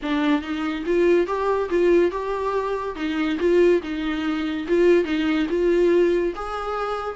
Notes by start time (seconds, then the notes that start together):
0.02 D4
0.41 D#4
0.86 F4
1.27 G4
1.69 F4
2.11 G4
2.95 D#4
3.39 F4
3.82 D#4
4.68 F4
5.04 D#4
5.49 F4
6.35 G#4